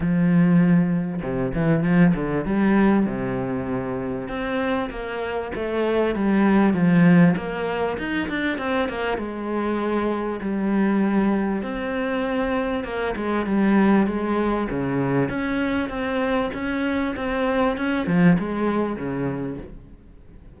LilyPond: \new Staff \with { instrumentName = "cello" } { \time 4/4 \tempo 4 = 98 f2 c8 e8 f8 d8 | g4 c2 c'4 | ais4 a4 g4 f4 | ais4 dis'8 d'8 c'8 ais8 gis4~ |
gis4 g2 c'4~ | c'4 ais8 gis8 g4 gis4 | cis4 cis'4 c'4 cis'4 | c'4 cis'8 f8 gis4 cis4 | }